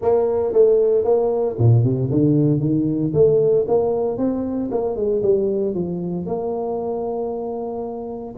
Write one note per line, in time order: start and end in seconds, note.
0.01 0.52 A#3
0.52 1.04 A3
1.04 1.56 A#3
1.58 1.83 A#2
1.83 2.09 C3
2.10 2.59 D3
2.59 3.12 D#3
3.13 3.65 A3
3.67 4.17 A#3
4.17 4.70 C4
4.71 4.96 A#3
4.96 5.22 G#3
5.22 5.74 G3
5.74 6.26 F3
6.26 8.34 A#3